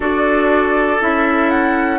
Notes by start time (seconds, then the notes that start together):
0.00 D4 F#4 A4 D5
1.00 C#4 E4 E5
1.50 F#5